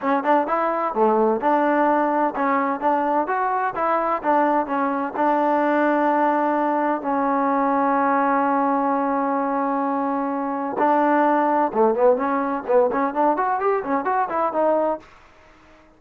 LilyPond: \new Staff \with { instrumentName = "trombone" } { \time 4/4 \tempo 4 = 128 cis'8 d'8 e'4 a4 d'4~ | d'4 cis'4 d'4 fis'4 | e'4 d'4 cis'4 d'4~ | d'2. cis'4~ |
cis'1~ | cis'2. d'4~ | d'4 a8 b8 cis'4 b8 cis'8 | d'8 fis'8 g'8 cis'8 fis'8 e'8 dis'4 | }